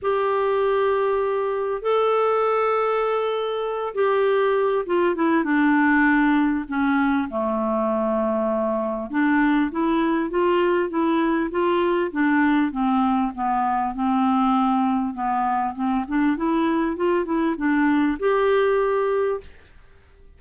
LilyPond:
\new Staff \with { instrumentName = "clarinet" } { \time 4/4 \tempo 4 = 99 g'2. a'4~ | a'2~ a'8 g'4. | f'8 e'8 d'2 cis'4 | a2. d'4 |
e'4 f'4 e'4 f'4 | d'4 c'4 b4 c'4~ | c'4 b4 c'8 d'8 e'4 | f'8 e'8 d'4 g'2 | }